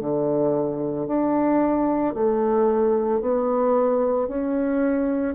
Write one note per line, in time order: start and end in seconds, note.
0.00 1.07 D3
1.07 2.14 D4
2.14 3.20 A3
3.20 4.28 B3
4.28 5.35 C#4